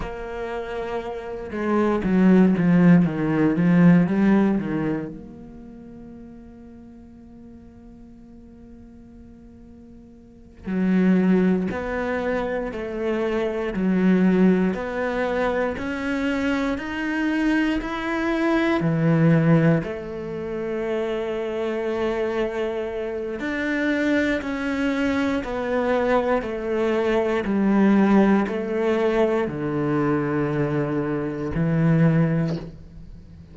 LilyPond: \new Staff \with { instrumentName = "cello" } { \time 4/4 \tempo 4 = 59 ais4. gis8 fis8 f8 dis8 f8 | g8 dis8 ais2.~ | ais2~ ais8 fis4 b8~ | b8 a4 fis4 b4 cis'8~ |
cis'8 dis'4 e'4 e4 a8~ | a2. d'4 | cis'4 b4 a4 g4 | a4 d2 e4 | }